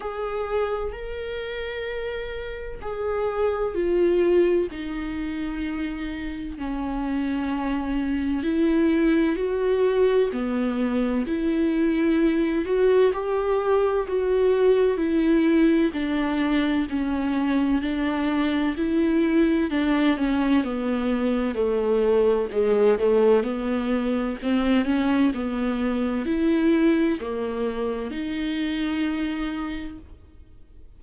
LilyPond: \new Staff \with { instrumentName = "viola" } { \time 4/4 \tempo 4 = 64 gis'4 ais'2 gis'4 | f'4 dis'2 cis'4~ | cis'4 e'4 fis'4 b4 | e'4. fis'8 g'4 fis'4 |
e'4 d'4 cis'4 d'4 | e'4 d'8 cis'8 b4 a4 | gis8 a8 b4 c'8 cis'8 b4 | e'4 ais4 dis'2 | }